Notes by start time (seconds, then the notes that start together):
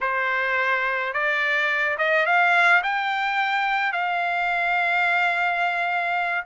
0.01 C5
1.13 D5
1.98 D#5
2.26 F5
2.83 G5
3.92 F5